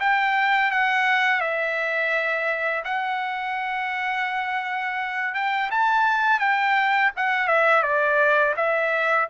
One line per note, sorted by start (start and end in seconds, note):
0.00 0.71 G5
0.71 1.41 F#5
1.41 2.83 E5
2.84 5.34 F#5
5.34 5.70 G5
5.71 6.40 A5
6.40 7.11 G5
7.17 7.48 F#5
7.48 7.83 E5
7.83 8.54 D5
8.56 9.28 E5